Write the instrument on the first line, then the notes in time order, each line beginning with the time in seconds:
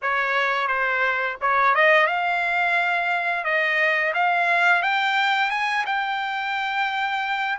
trumpet
0.02 C#5
0.67 C5
1.41 C#5
1.74 D#5
2.06 F5
3.44 D#5
4.14 F5
4.82 G5
5.50 G#5
5.86 G5